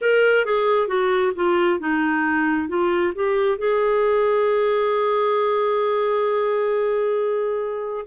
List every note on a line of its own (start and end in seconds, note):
0.01 0.45 A#4
0.45 0.87 G#4
0.87 1.32 F#4
1.35 1.79 F4
1.79 2.68 D#4
2.68 3.13 F4
3.14 3.58 G4
3.58 8.06 G#4